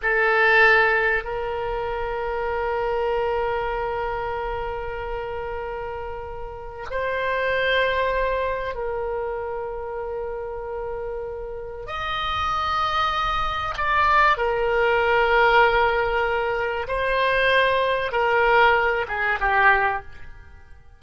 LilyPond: \new Staff \with { instrumentName = "oboe" } { \time 4/4 \tempo 4 = 96 a'2 ais'2~ | ais'1~ | ais'2. c''4~ | c''2 ais'2~ |
ais'2. dis''4~ | dis''2 d''4 ais'4~ | ais'2. c''4~ | c''4 ais'4. gis'8 g'4 | }